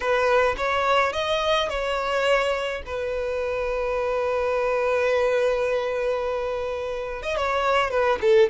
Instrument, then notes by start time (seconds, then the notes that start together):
violin
0.00 B4
0.57 C#5
1.12 D#5
1.69 C#5
2.86 B4
7.22 D#5
7.36 C#5
7.90 B4
8.21 A4